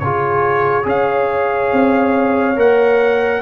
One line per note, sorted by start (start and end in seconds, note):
0.00 0.86 C#3
0.00 0.84 F4
0.00 0.86 G#4
0.00 0.86 C#5
0.84 1.72 C#4
0.84 2.55 G#4
0.84 3.42 C#5
0.84 2.60 F5
1.73 2.57 C4
2.57 3.42 A#3
2.57 3.42 A#4
2.57 3.42 F#5